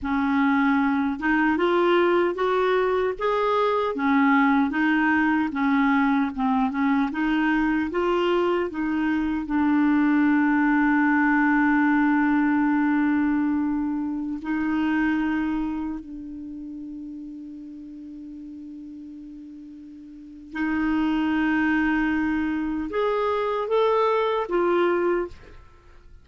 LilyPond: \new Staff \with { instrumentName = "clarinet" } { \time 4/4 \tempo 4 = 76 cis'4. dis'8 f'4 fis'4 | gis'4 cis'4 dis'4 cis'4 | c'8 cis'8 dis'4 f'4 dis'4 | d'1~ |
d'2~ d'16 dis'4.~ dis'16~ | dis'16 d'2.~ d'8.~ | d'2 dis'2~ | dis'4 gis'4 a'4 f'4 | }